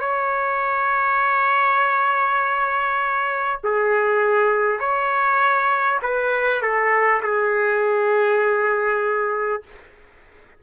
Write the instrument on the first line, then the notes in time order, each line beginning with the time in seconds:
trumpet
0.00 C#5
3.64 G#4
4.80 C#5
6.02 B4
6.62 A4
7.23 G#4